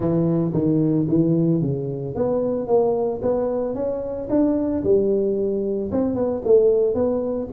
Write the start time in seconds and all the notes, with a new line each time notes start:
0.00 E3
0.53 D#3
1.08 E3
1.61 C#3
2.15 B3
2.67 A#3
3.22 B3
3.75 C#4
4.29 D4
4.83 G3
5.91 C4
6.14 B3
6.45 A3
6.94 B3